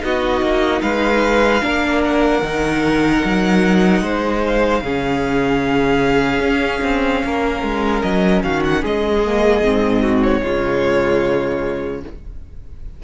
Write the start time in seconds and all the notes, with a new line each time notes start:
0.00 B3 D#4 F#4 D#5
0.42 A#3
0.82 G#3 B4 F5
1.63 A#3 D4 A#4
2.04 F#5
2.42 D#3 D#4
3.25 F#3
4.02 G#3 C5
4.47 F5
4.82 C#3 C#4 G#4
6.40 C#4
6.84 C4
7.25 A#3 A#4
7.63 G#3
8.03 F#3 D#5
8.43 D#3 F#4 F5
8.65 F#5
8.83 G#3 G#4 D#5
9.25 A#3
9.62 G#2 C4
10.02 F#4
10.23 C#5
10.42 C#3 G#3 F4